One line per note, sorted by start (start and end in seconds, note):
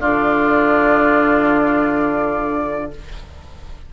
0.00 2.93 D3
0.00 2.91 D4
0.00 2.90 F4
0.00 2.90 D5